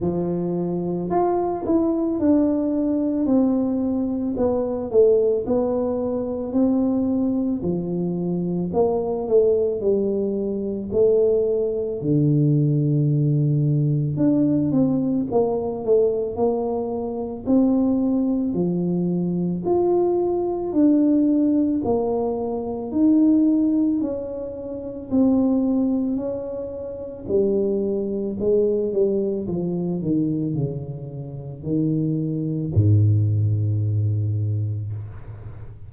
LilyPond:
\new Staff \with { instrumentName = "tuba" } { \time 4/4 \tempo 4 = 55 f4 f'8 e'8 d'4 c'4 | b8 a8 b4 c'4 f4 | ais8 a8 g4 a4 d4~ | d4 d'8 c'8 ais8 a8 ais4 |
c'4 f4 f'4 d'4 | ais4 dis'4 cis'4 c'4 | cis'4 g4 gis8 g8 f8 dis8 | cis4 dis4 gis,2 | }